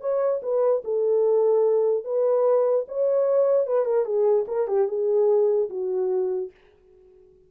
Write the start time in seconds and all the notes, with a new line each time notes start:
0.00 C#5
0.42 B4
0.84 A4
2.04 B4
2.88 C#5
3.67 B4
3.85 A#4
4.05 G#4
4.47 A#4
4.68 G4
4.88 G#4
5.69 F#4